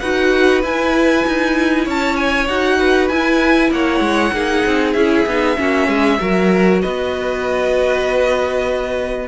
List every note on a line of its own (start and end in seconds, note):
0.00 0.63 D#4
0.00 0.63 F#4
0.00 1.85 B4
0.00 0.62 F#5
0.63 2.48 E4
0.63 1.25 E4
0.63 1.89 G#5
1.27 1.87 D#4
1.85 2.49 C#4
1.85 2.78 C#5
1.85 2.17 A5
2.17 2.48 G#5
2.48 3.11 D#4
2.48 3.12 F#4
2.48 3.09 F#5
2.79 3.72 B4
3.09 3.72 E4
3.09 4.34 E4
3.09 3.71 G#5
3.72 4.01 A#3
3.72 4.34 C#5
3.72 4.93 F#5
4.01 4.32 G#3
4.33 4.64 A#3
4.33 4.96 D#4
4.33 5.58 G#4
4.66 4.95 C4
4.93 5.26 C#4
4.93 5.28 E4
4.93 6.79 E5
5.26 5.57 B3
5.26 5.57 D#4
5.57 5.88 A#3
5.57 6.19 C#4
5.57 5.88 F#4
5.88 6.19 G#3
5.88 6.19 G#4
6.20 6.84 F#3
6.20 9.28 F#4
6.20 6.82 A#4
6.82 9.28 B3
6.82 9.28 B4
6.82 9.28 D#5